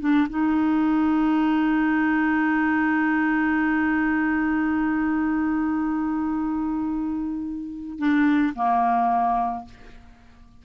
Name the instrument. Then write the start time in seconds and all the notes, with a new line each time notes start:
clarinet
0.00 D4
0.29 D#4
7.98 D4
8.55 A#3